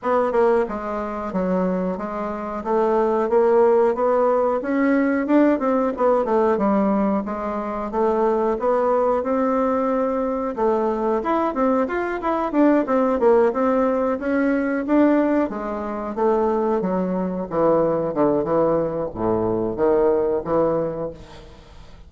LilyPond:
\new Staff \with { instrumentName = "bassoon" } { \time 4/4 \tempo 4 = 91 b8 ais8 gis4 fis4 gis4 | a4 ais4 b4 cis'4 | d'8 c'8 b8 a8 g4 gis4 | a4 b4 c'2 |
a4 e'8 c'8 f'8 e'8 d'8 c'8 | ais8 c'4 cis'4 d'4 gis8~ | gis8 a4 fis4 e4 d8 | e4 a,4 dis4 e4 | }